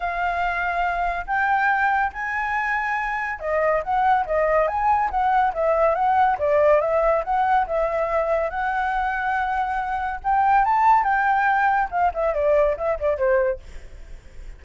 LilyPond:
\new Staff \with { instrumentName = "flute" } { \time 4/4 \tempo 4 = 141 f''2. g''4~ | g''4 gis''2. | dis''4 fis''4 dis''4 gis''4 | fis''4 e''4 fis''4 d''4 |
e''4 fis''4 e''2 | fis''1 | g''4 a''4 g''2 | f''8 e''8 d''4 e''8 d''8 c''4 | }